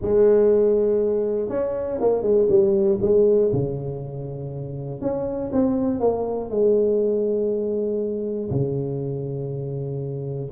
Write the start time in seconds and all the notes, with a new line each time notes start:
0.01 G#3
1.49 C#4
2.00 A#3
2.22 G#3
2.49 G3
3.01 G#3
3.52 C#3
5.01 C#4
5.52 C4
6.00 A#3
6.50 G#3
8.50 C#3